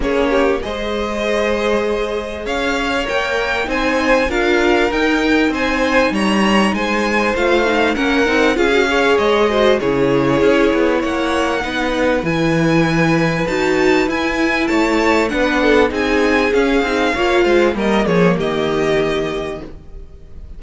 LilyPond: <<
  \new Staff \with { instrumentName = "violin" } { \time 4/4 \tempo 4 = 98 cis''4 dis''2. | f''4 g''4 gis''4 f''4 | g''4 gis''4 ais''4 gis''4 | f''4 fis''4 f''4 dis''4 |
cis''2 fis''2 | gis''2 a''4 gis''4 | a''4 fis''4 gis''4 f''4~ | f''4 dis''8 cis''8 dis''2 | }
  \new Staff \with { instrumentName = "violin" } { \time 4/4 gis'8 g'8 c''2. | cis''2 c''4 ais'4~ | ais'4 c''4 cis''4 c''4~ | c''4 ais'4 gis'8 cis''4 c''8 |
gis'2 cis''4 b'4~ | b'1 | cis''4 b'8 a'8 gis'2 | cis''8 c''8 ais'8 gis'8 g'2 | }
  \new Staff \with { instrumentName = "viola" } { \time 4/4 cis'4 gis'2.~ | gis'4 ais'4 dis'4 f'4 | dis'1 | f'8 dis'8 cis'8 dis'8 f'16 fis'16 gis'4 fis'8 |
e'2. dis'4 | e'2 fis'4 e'4~ | e'4 d'4 dis'4 cis'8 dis'8 | f'4 ais2. | }
  \new Staff \with { instrumentName = "cello" } { \time 4/4 ais4 gis2. | cis'4 ais4 c'4 d'4 | dis'4 c'4 g4 gis4 | a4 ais8 c'8 cis'4 gis4 |
cis4 cis'8 b8 ais4 b4 | e2 dis'4 e'4 | a4 b4 c'4 cis'8 c'8 | ais8 gis8 g8 f8 dis2 | }
>>